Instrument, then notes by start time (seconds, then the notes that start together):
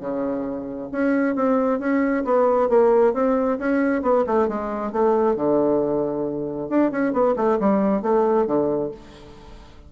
bassoon
0.00 C#3
0.92 C#4
1.35 C4
1.79 C#4
2.25 B3
2.69 A#3
3.14 C4
3.58 C#4
4.02 B3
4.27 A3
4.48 G#3
4.92 A3
5.36 D3
6.69 D4
6.91 C#4
7.13 B3
7.36 A3
7.60 G3
8.02 A3
8.46 D3